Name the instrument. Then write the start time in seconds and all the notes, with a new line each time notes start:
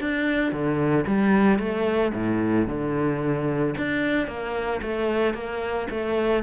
cello
0.00 D4
0.52 D3
1.07 G3
1.59 A3
2.14 A2
2.68 D3
3.78 D4
4.27 A#3
4.82 A3
5.34 A#3
5.91 A3